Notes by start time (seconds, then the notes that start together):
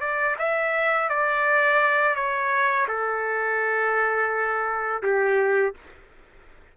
0.00 D5
0.38 E5
1.09 D5
2.15 C#5
2.88 A4
5.02 G4